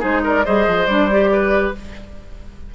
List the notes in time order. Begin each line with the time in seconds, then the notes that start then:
0.00 G#3 D#4 G#4 C5
0.24 A#4 D5
0.45 G3 G#4 C5 D#5
0.67 F3
0.87 G3 D4 D5
1.11 G4
1.32 B4